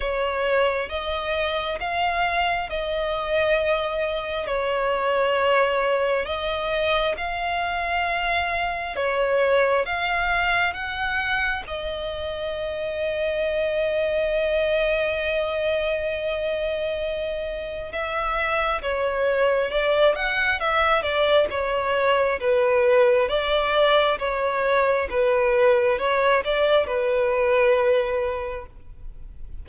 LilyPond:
\new Staff \with { instrumentName = "violin" } { \time 4/4 \tempo 4 = 67 cis''4 dis''4 f''4 dis''4~ | dis''4 cis''2 dis''4 | f''2 cis''4 f''4 | fis''4 dis''2.~ |
dis''1 | e''4 cis''4 d''8 fis''8 e''8 d''8 | cis''4 b'4 d''4 cis''4 | b'4 cis''8 d''8 b'2 | }